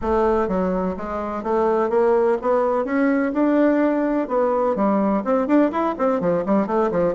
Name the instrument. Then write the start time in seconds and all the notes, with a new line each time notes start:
bassoon
0.01 A3
0.48 F#3
0.97 G#3
1.43 A3
1.89 A#3
2.41 B3
2.84 C#4
3.33 D4
4.27 B3
4.75 G3
5.24 C4
5.47 D4
5.71 E4
5.98 C4
6.20 F3
6.45 G3
6.66 A3
6.91 F3